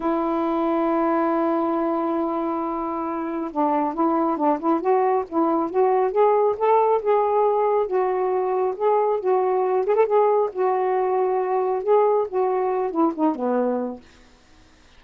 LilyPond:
\new Staff \with { instrumentName = "saxophone" } { \time 4/4 \tempo 4 = 137 e'1~ | e'1 | d'4 e'4 d'8 e'8 fis'4 | e'4 fis'4 gis'4 a'4 |
gis'2 fis'2 | gis'4 fis'4. gis'16 a'16 gis'4 | fis'2. gis'4 | fis'4. e'8 dis'8 b4. | }